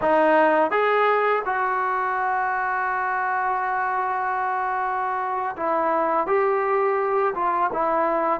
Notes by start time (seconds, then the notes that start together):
0.01 D#4
0.70 G#4
1.45 F#4
5.56 E4
6.27 G4
7.34 F4
7.72 E4